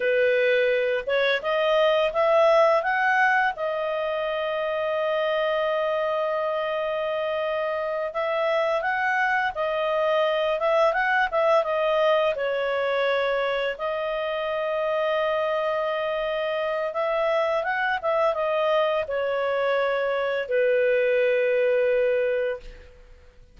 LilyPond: \new Staff \with { instrumentName = "clarinet" } { \time 4/4 \tempo 4 = 85 b'4. cis''8 dis''4 e''4 | fis''4 dis''2.~ | dis''2.~ dis''8 e''8~ | e''8 fis''4 dis''4. e''8 fis''8 |
e''8 dis''4 cis''2 dis''8~ | dis''1 | e''4 fis''8 e''8 dis''4 cis''4~ | cis''4 b'2. | }